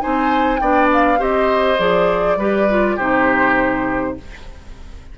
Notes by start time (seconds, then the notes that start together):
0.00 C4 D#4 C5 G#5
0.58 B3 D4 D5 G5
0.93 F5
1.18 C4 G4 C5 D#5
1.78 F3 G#4 D5
2.37 G3 G4 B4
2.70 F4
2.96 C3 D#4 G4 C5